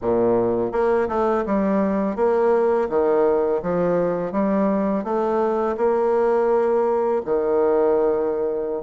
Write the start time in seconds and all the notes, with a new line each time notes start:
0.01 A#2
0.72 A#3
1.08 A3
1.46 G3
2.16 A#3
2.89 D#3
3.62 F3
4.31 G3
5.03 A3
5.77 A#3
7.25 D#3